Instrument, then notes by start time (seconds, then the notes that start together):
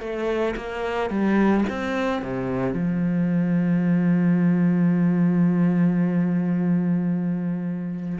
cello
0.00 A3
0.56 A#3
1.10 G3
1.69 C4
2.22 C3
2.73 F3